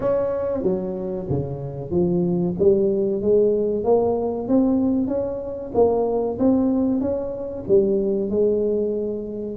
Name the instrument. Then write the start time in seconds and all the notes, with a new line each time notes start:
tuba
0.00 C#4
0.62 F#3
1.29 C#3
1.91 F3
2.59 G3
3.21 G#3
3.84 A#3
4.48 C4
5.07 C#4
5.74 A#3
6.39 C4
7.00 C#4
7.68 G3
8.30 G#3